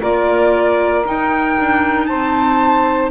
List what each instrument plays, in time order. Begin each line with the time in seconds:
0.00 double bass A#3, clarinet F4, saxophone A#4, violin D5
1.04 clarinet D#4, double bass D#4, violin G5
1.58 double bass D4
2.06 double bass C4, saxophone C5, violin A5